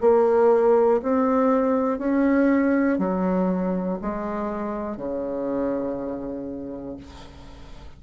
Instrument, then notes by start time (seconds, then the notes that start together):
bassoon
0.00 A#3
1.02 C4
1.98 C#4
2.98 F#3
4.01 G#3
4.96 C#3